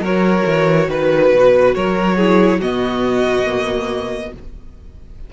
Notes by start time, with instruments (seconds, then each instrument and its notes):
0.00 cello F#3, violin A#4 C#5
0.06 viola F#4
0.47 cello E3
0.88 cello D#3, violin B4
1.32 cello B2
1.75 cello F#3, violin A#4 C#5
2.17 viola E4, violin G#4
2.59 cello B2, viola B3, violin F#4 D#5
3.46 viola A#3